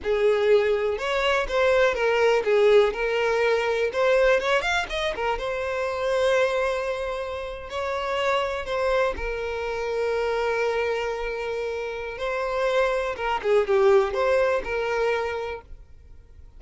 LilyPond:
\new Staff \with { instrumentName = "violin" } { \time 4/4 \tempo 4 = 123 gis'2 cis''4 c''4 | ais'4 gis'4 ais'2 | c''4 cis''8 f''8 dis''8 ais'8 c''4~ | c''2.~ c''8. cis''16~ |
cis''4.~ cis''16 c''4 ais'4~ ais'16~ | ais'1~ | ais'4 c''2 ais'8 gis'8 | g'4 c''4 ais'2 | }